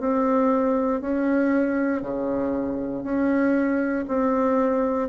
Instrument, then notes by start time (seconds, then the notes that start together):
bassoon
0.00 C4
1.01 C#4
2.02 C#3
3.03 C#4
4.08 C4